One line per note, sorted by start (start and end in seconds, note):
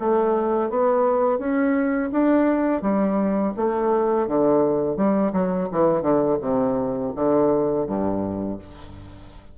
0.00 0.70 A3
0.70 1.39 B3
1.39 2.11 C#4
2.12 2.82 D4
2.82 3.54 G3
3.57 4.28 A3
4.28 4.97 D3
4.97 5.32 G3
5.33 5.69 F#3
5.72 6.02 E3
6.02 6.38 D3
6.41 7.13 C3
7.16 7.87 D3
7.87 8.58 G2